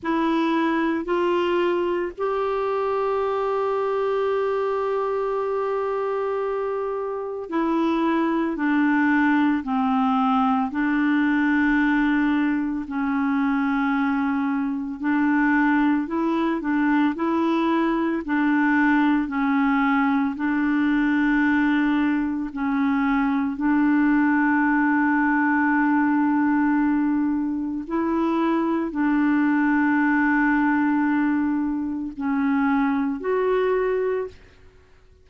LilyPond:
\new Staff \with { instrumentName = "clarinet" } { \time 4/4 \tempo 4 = 56 e'4 f'4 g'2~ | g'2. e'4 | d'4 c'4 d'2 | cis'2 d'4 e'8 d'8 |
e'4 d'4 cis'4 d'4~ | d'4 cis'4 d'2~ | d'2 e'4 d'4~ | d'2 cis'4 fis'4 | }